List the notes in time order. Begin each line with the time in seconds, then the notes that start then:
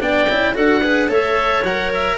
0.00 B3 D4 D5 G5
0.29 C#4 E4
0.54 D4 F#4 A4 F#5
0.83 G#4 B4
1.09 A3 A4 C#5 E5
1.63 F#3 A#4 F#5
1.94 E5